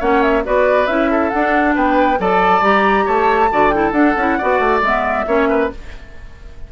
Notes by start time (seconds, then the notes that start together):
0.00 A#3 C#4 C#5 F#5
0.23 E5
0.45 B3 F#4 B4 D5
0.87 C#4 E4 E5
1.11 A4
1.30 D4 F#5
1.37 D4
1.75 B3 B4 G5
2.18 F#3 A4 D5 A5
2.62 G3 G4 A#5
3.06 A3 C#5 A5
3.51 D3 F#4 D5
3.70 E4 A4 G5
3.92 D4 F#5
4.17 C#4 E4
4.39 B3 F#4 D5
4.60 A3
4.82 G#3 B3 E5
5.27 A#3 C#4 C#5
5.49 B4